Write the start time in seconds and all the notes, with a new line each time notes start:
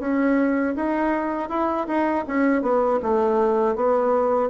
0.00 C#4
0.76 D#4
1.50 E4
1.88 D#4
2.28 C#4
2.62 B3
3.03 A3
3.76 B3